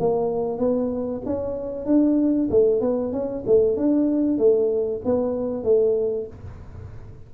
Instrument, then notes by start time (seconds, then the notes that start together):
tuba
0.00 A#3
0.59 B3
1.26 C#4
1.86 D4
2.51 A3
2.81 B3
3.13 C#4
3.47 A3
3.77 D4
4.39 A3
5.05 B3
5.64 A3